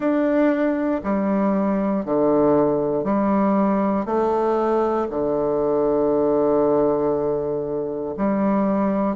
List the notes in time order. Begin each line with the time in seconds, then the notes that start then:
0.00 D4
1.04 G3
2.05 D3
3.04 G3
4.05 A3
5.09 D3
8.17 G3